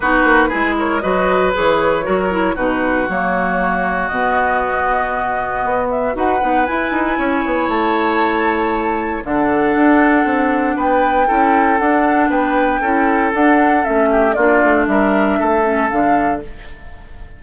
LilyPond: <<
  \new Staff \with { instrumentName = "flute" } { \time 4/4 \tempo 4 = 117 b'4. cis''8 dis''4 cis''4~ | cis''4 b'4 cis''2 | dis''2.~ dis''8 e''8 | fis''4 gis''2 a''4~ |
a''2 fis''2~ | fis''4 g''2 fis''4 | g''2 fis''4 e''4 | d''4 e''2 f''4 | }
  \new Staff \with { instrumentName = "oboe" } { \time 4/4 fis'4 gis'8 ais'8 b'2 | ais'4 fis'2.~ | fis'1 | b'2 cis''2~ |
cis''2 a'2~ | a'4 b'4 a'2 | b'4 a'2~ a'8 g'8 | f'4 ais'4 a'2 | }
  \new Staff \with { instrumentName = "clarinet" } { \time 4/4 dis'4 e'4 fis'4 gis'4 | fis'8 e'8 dis'4 ais2 | b1 | fis'8 dis'8 e'2.~ |
e'2 d'2~ | d'2 e'4 d'4~ | d'4 e'4 d'4 cis'4 | d'2~ d'8 cis'8 d'4 | }
  \new Staff \with { instrumentName = "bassoon" } { \time 4/4 b8 ais8 gis4 fis4 e4 | fis4 b,4 fis2 | b,2. b4 | dis'8 b8 e'8 dis'8 cis'8 b8 a4~ |
a2 d4 d'4 | c'4 b4 cis'4 d'4 | b4 cis'4 d'4 a4 | ais8 a8 g4 a4 d4 | }
>>